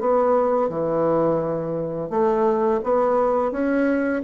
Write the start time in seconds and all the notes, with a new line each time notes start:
0.00 B3
0.69 E3
2.10 A3
2.84 B3
3.52 C#4